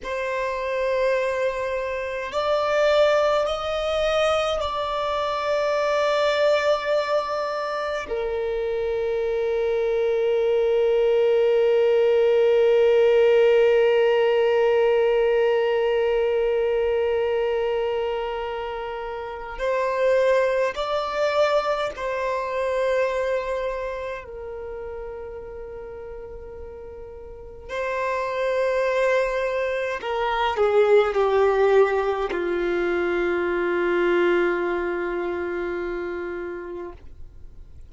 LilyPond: \new Staff \with { instrumentName = "violin" } { \time 4/4 \tempo 4 = 52 c''2 d''4 dis''4 | d''2. ais'4~ | ais'1~ | ais'1~ |
ais'4 c''4 d''4 c''4~ | c''4 ais'2. | c''2 ais'8 gis'8 g'4 | f'1 | }